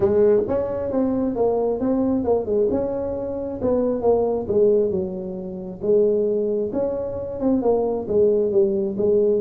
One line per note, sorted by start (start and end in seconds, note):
0.00 0.42 G#3
0.47 0.91 C#4
0.91 1.35 C4
1.35 1.80 A#3
1.80 2.24 C4
2.24 2.45 A#3
2.45 2.68 G#3
2.70 3.60 C#4
3.61 4.01 B3
4.01 4.46 A#3
4.48 4.90 G#3
4.90 5.79 F#3
5.81 6.71 G#3
6.72 7.39 C#4
7.39 7.61 C4
7.61 8.06 A#3
8.08 8.51 G#3
8.51 8.96 G3
8.97 9.41 G#3